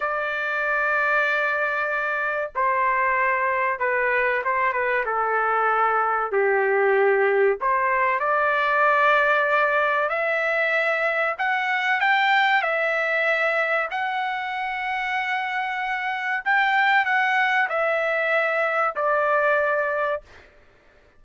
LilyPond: \new Staff \with { instrumentName = "trumpet" } { \time 4/4 \tempo 4 = 95 d''1 | c''2 b'4 c''8 b'8 | a'2 g'2 | c''4 d''2. |
e''2 fis''4 g''4 | e''2 fis''2~ | fis''2 g''4 fis''4 | e''2 d''2 | }